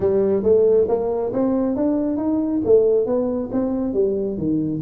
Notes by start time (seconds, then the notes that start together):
0.00 G3
0.43 A3
0.88 A#3
1.33 C4
1.76 D4
2.17 D#4
2.64 A3
3.06 B3
3.52 C4
3.93 G3
4.37 D#3